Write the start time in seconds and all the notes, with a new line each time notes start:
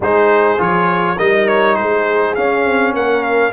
0.00 G#3 D#4 G#4 C5
0.57 F3 F4 C#5
1.16 G3 D#4 A#4 D#5
1.48 C#5
1.75 G#3 G#4 C5
2.34 C#4 F5
2.65 C4
2.93 A#3 A#4 F#5
3.23 F5